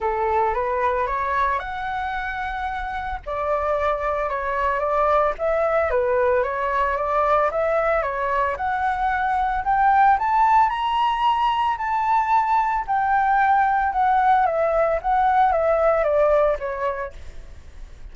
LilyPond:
\new Staff \with { instrumentName = "flute" } { \time 4/4 \tempo 4 = 112 a'4 b'4 cis''4 fis''4~ | fis''2 d''2 | cis''4 d''4 e''4 b'4 | cis''4 d''4 e''4 cis''4 |
fis''2 g''4 a''4 | ais''2 a''2 | g''2 fis''4 e''4 | fis''4 e''4 d''4 cis''4 | }